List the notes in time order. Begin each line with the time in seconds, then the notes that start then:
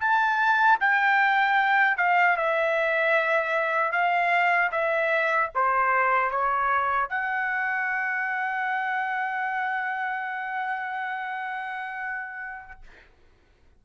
0.00 A5
0.80 G5
1.97 F5
2.37 E5
3.92 F5
4.72 E5
5.55 C5
6.31 C#5
7.09 F#5